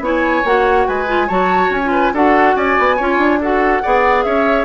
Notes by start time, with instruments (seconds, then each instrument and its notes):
0.00 bassoon B3, clarinet E4, oboe C#5, flute G#5
0.44 bassoon A#3, clarinet F#4, flute F#5
0.88 bassoon G#3, oboe B4, flute G#5
1.07 clarinet F4
1.27 bassoon F#3, clarinet F#4, oboe C#5, flute A5
1.69 bassoon C#4, flute G#5
1.84 clarinet F4
1.91 oboe B4
2.13 bassoon D4, clarinet F#4, oboe A4, flute F#5
2.56 bassoon C#4, oboe D5, flute G#5
2.79 bassoon B3
2.96 bassoon C#4, clarinet F4, oboe C#5
3.17 bassoon D4
3.41 clarinet F#4, oboe A4, flute F#5
3.82 bassoon B3, clarinet G#4, oboe D5
4.23 bassoon C#4, oboe C#5, flute E5